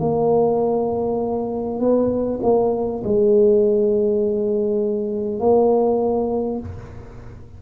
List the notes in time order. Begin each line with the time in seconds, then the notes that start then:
0.00 A#3
1.79 B3
2.43 A#3
3.04 G#3
5.40 A#3